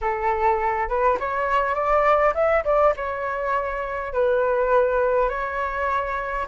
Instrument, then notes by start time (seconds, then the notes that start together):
flute
0.01 A4
0.88 B4
1.19 C#5
1.74 D5
2.34 E5
2.64 D5
2.96 C#5
4.13 B4
5.29 C#5